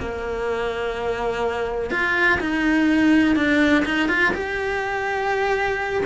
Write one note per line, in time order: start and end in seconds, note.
0.00 1.91 A#3
1.91 2.40 F4
2.41 3.36 D#4
3.36 3.85 D4
3.86 4.09 D#4
4.09 4.34 F4
4.34 6.04 G4